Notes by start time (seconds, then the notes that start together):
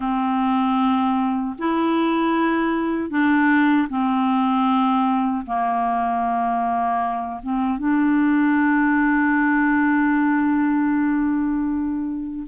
0.00 C4
1.58 E4
3.10 D4
3.89 C4
5.45 A#3
7.42 C4
7.78 D4